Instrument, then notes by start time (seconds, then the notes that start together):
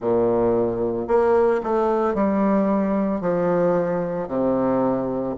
bassoon
0.00 A#2
1.07 A#3
1.63 A3
2.14 G3
3.20 F3
4.28 C3